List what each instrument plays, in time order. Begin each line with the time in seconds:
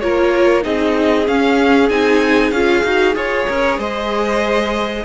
0.00 cello A#3, viola F4, violin A#4 C#5
0.62 cello C4, viola D#4, violin G#4 D#5
1.27 viola C#4, cello C#4, violin F5
1.89 cello C4, viola D#4, violin G#5
2.51 cello C#4, viola F4, violin F5
2.83 cello D#4, viola F#4
3.14 cello F4, viola G#4, violin C#5
3.47 cello C#4, violin A#4
3.78 cello G#3, violin C5 D#5